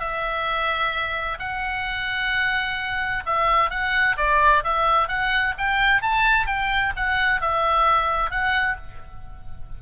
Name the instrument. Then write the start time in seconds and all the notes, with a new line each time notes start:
oboe
0.00 E5
1.39 F#5
3.26 E5
3.70 F#5
4.17 D5
4.64 E5
5.08 F#5
5.58 G5
6.02 A5
6.47 G5
6.97 F#5
7.41 E5
8.31 F#5